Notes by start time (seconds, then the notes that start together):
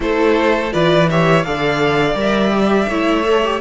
0.00 A3 E4 A4 C5
0.71 E3 F4 B4 D5
1.09 G4 C#5 E5
1.44 D3 A4 D5 F5
2.14 G3 A#4
2.20 E5
2.52 G4
2.88 A3 E4 C#5
3.24 A4
3.44 G4